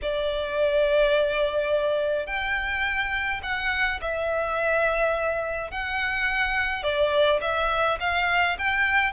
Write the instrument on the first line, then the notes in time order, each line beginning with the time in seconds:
violin
0.02 D5
2.26 G5
3.42 F#5
4.01 E5
5.70 F#5
6.83 D5
7.41 E5
8.00 F5
8.58 G5